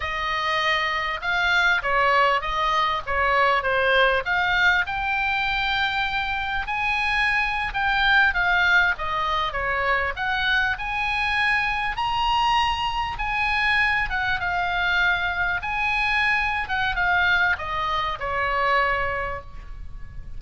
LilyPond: \new Staff \with { instrumentName = "oboe" } { \time 4/4 \tempo 4 = 99 dis''2 f''4 cis''4 | dis''4 cis''4 c''4 f''4 | g''2. gis''4~ | gis''8. g''4 f''4 dis''4 cis''16~ |
cis''8. fis''4 gis''2 ais''16~ | ais''4.~ ais''16 gis''4. fis''8 f''16~ | f''4.~ f''16 gis''4.~ gis''16 fis''8 | f''4 dis''4 cis''2 | }